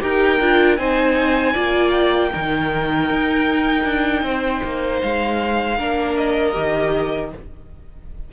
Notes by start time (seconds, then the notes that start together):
0.00 D#4 G4 A#4 G5
0.40 D4 F4
0.77 C4 D#4 C5 G#5
1.53 A#3 F4 D5
1.91 G5
2.31 D#3 D#4 A#4
3.10 D#4
3.84 D4
4.22 C4 C5
4.63 A#3
5.02 G#3 F5
5.78 A#3 D4 A#4
6.17 D#5
6.53 D#3 G4